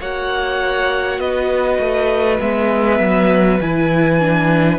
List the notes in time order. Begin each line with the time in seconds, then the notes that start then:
0.00 A#3 F#4 C#5 F#5
1.18 B3 B4 D#5
1.79 A3
2.40 G#3 B3 E5
2.99 F#3
3.60 E3 E4 G#5
4.20 D4